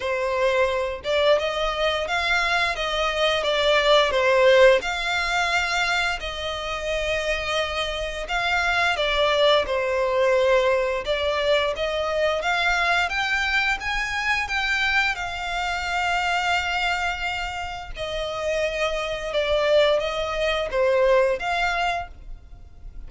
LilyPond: \new Staff \with { instrumentName = "violin" } { \time 4/4 \tempo 4 = 87 c''4. d''8 dis''4 f''4 | dis''4 d''4 c''4 f''4~ | f''4 dis''2. | f''4 d''4 c''2 |
d''4 dis''4 f''4 g''4 | gis''4 g''4 f''2~ | f''2 dis''2 | d''4 dis''4 c''4 f''4 | }